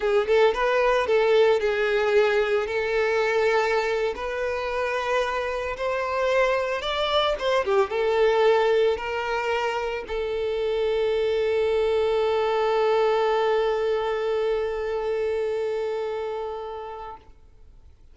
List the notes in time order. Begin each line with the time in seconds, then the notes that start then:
0.00 G#4
0.27 A4
0.54 B4
1.06 A4
1.59 G#4
2.66 A4
4.15 B4
5.76 C5
6.81 D5
7.38 C5
7.64 G4
7.89 A4
8.97 A#4
10.07 A4